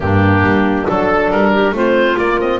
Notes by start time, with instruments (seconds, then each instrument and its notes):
0.00 double bass G2, horn A#3, clarinet D4, oboe G4
0.42 double bass G3
0.87 double bass F#3, horn D4, clarinet A4, oboe A4
1.30 double bass G3, oboe A#4
1.53 clarinet G4
1.71 double bass A3, horn C4, clarinet F4, oboe C5
2.16 horn A#3, double bass A#3, oboe D5
2.39 horn C4, oboe D#5